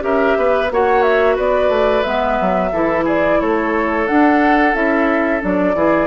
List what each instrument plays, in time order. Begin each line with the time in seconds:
0.00 bassoon C#4, clarinet G4, oboe A#4, flute E5
0.37 bassoon B3, oboe B4
0.71 bassoon A#3, clarinet F#4, oboe C#5, flute F#5
1.02 flute E5
1.35 bassoon B3, oboe B4, flute D5
1.69 bassoon A3
2.03 bassoon G#3, clarinet B3, flute E5
2.41 bassoon F#3
2.72 bassoon E3, clarinet E4, oboe A4
3.04 oboe G#4, flute D5
3.41 bassoon A3, oboe A4, flute C#5
4.07 clarinet D4, bassoon D4, flute F#5
4.73 bassoon C#4, clarinet E4, flute E5
5.40 bassoon F#3, clarinet D4, flute D5
5.74 bassoon E3, clarinet E4, oboe G#4